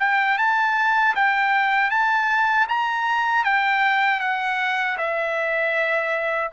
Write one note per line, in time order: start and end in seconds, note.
0.00 0.38 G5
0.38 1.15 A5
1.16 1.91 G5
1.91 2.68 A5
2.69 3.45 A#5
3.45 4.21 G5
4.21 4.98 F#5
4.98 6.52 E5